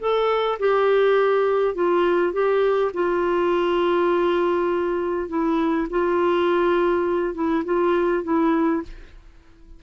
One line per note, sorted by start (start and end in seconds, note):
0.00 0.59 A4
0.59 1.75 G4
1.75 2.33 F4
2.33 2.92 G4
2.94 5.29 F4
5.29 5.88 E4
5.90 7.34 F4
7.34 7.64 E4
7.65 8.24 F4
8.24 8.83 E4